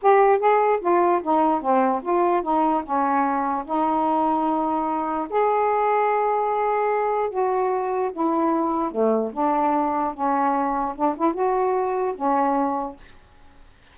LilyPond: \new Staff \with { instrumentName = "saxophone" } { \time 4/4 \tempo 4 = 148 g'4 gis'4 f'4 dis'4 | c'4 f'4 dis'4 cis'4~ | cis'4 dis'2.~ | dis'4 gis'2.~ |
gis'2 fis'2 | e'2 a4 d'4~ | d'4 cis'2 d'8 e'8 | fis'2 cis'2 | }